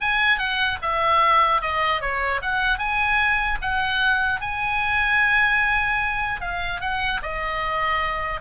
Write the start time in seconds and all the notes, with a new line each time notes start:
0.00 G#5
0.38 F#5
0.82 E5
1.61 D#5
2.01 C#5
2.41 F#5
2.78 G#5
3.61 F#5
4.40 G#5
6.41 F5
6.80 F#5
7.22 D#5